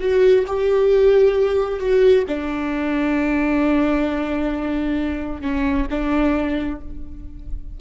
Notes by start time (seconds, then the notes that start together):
0.00 F#4
0.47 G4
1.80 F#4
2.28 D4
5.41 C#4
5.90 D4